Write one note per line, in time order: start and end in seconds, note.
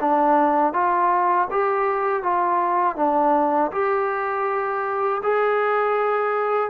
0.00 0.73 D4
0.73 1.48 F4
1.50 2.23 G4
2.23 2.96 F4
2.96 3.71 D4
3.71 5.21 G4
5.22 6.70 G#4